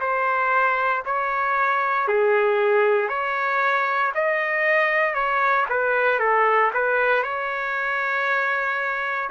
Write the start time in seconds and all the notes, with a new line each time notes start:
0.00 C5
1.05 C#5
2.08 G#4
3.09 C#5
4.15 D#5
5.14 C#5
5.69 B4
6.19 A4
6.74 B4
7.23 C#5